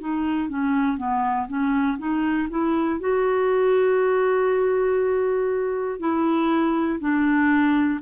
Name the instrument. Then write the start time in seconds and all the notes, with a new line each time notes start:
clarinet
0.00 D#4
0.49 C#4
0.97 B3
1.48 C#4
1.98 D#4
2.49 E4
2.99 F#4
5.99 E4
6.99 D4